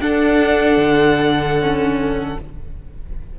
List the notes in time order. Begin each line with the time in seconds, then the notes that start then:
0.00 D4 A4 F#5
0.77 D3
1.60 C#4